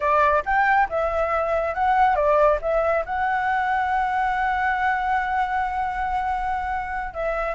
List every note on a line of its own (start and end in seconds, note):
0.00 0.43 D5
0.45 0.88 G5
0.89 1.74 E5
1.74 2.15 F#5
2.15 2.58 D5
2.61 3.04 E5
3.05 7.13 F#5
7.13 7.54 E5